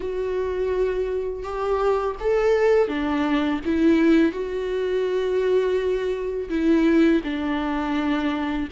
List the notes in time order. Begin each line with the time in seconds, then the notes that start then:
0.00 F#4
1.43 G4
2.19 A4
2.88 D4
3.65 E4
4.32 F#4
6.49 E4
7.24 D4